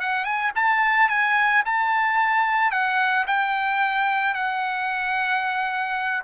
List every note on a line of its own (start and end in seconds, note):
0.00 0.24 F#5
0.24 0.51 G#5
0.55 1.09 A5
1.09 1.63 G#5
1.65 2.71 A5
2.71 3.25 F#5
3.27 4.34 G5
4.34 6.23 F#5